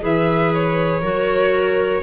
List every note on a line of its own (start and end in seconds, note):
0.00 1.02 E3
0.00 1.02 G#4
0.00 1.02 B4
0.00 0.54 E5
0.54 2.03 C#5
1.02 2.03 F#3
1.02 2.03 F#4
1.02 2.03 A#4